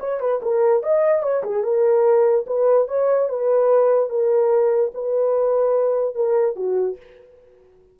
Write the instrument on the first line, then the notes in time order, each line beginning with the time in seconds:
horn
0.00 C#5
0.20 B4
0.42 A#4
0.83 D#5
1.23 C#5
1.44 G#4
1.63 A#4
2.47 B4
2.88 C#5
3.29 B4
4.09 A#4
4.94 B4
6.15 A#4
6.56 F#4